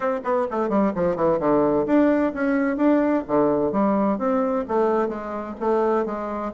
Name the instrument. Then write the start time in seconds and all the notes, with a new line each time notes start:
bassoon
0.00 C4
0.24 B3
0.51 A3
0.68 G3
0.95 F3
1.16 E3
1.39 D3
1.86 D4
2.34 C#4
2.76 D4
3.27 D3
3.72 G3
4.18 C4
4.67 A3
5.08 G#3
5.60 A3
6.05 G#3